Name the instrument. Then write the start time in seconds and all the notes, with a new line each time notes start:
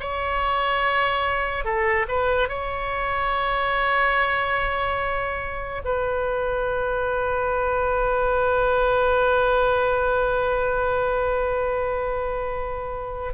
oboe
0.00 C#5
1.65 A4
2.08 B4
2.49 C#5
5.85 B4